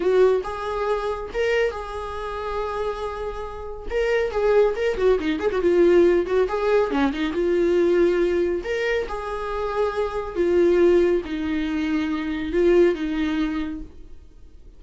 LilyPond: \new Staff \with { instrumentName = "viola" } { \time 4/4 \tempo 4 = 139 fis'4 gis'2 ais'4 | gis'1~ | gis'4 ais'4 gis'4 ais'8 fis'8 | dis'8 gis'16 fis'16 f'4. fis'8 gis'4 |
cis'8 dis'8 f'2. | ais'4 gis'2. | f'2 dis'2~ | dis'4 f'4 dis'2 | }